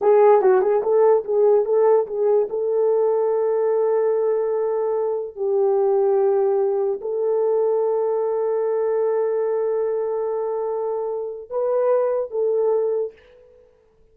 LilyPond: \new Staff \with { instrumentName = "horn" } { \time 4/4 \tempo 4 = 146 gis'4 fis'8 gis'8 a'4 gis'4 | a'4 gis'4 a'2~ | a'1~ | a'4 g'2.~ |
g'4 a'2.~ | a'1~ | a'1 | b'2 a'2 | }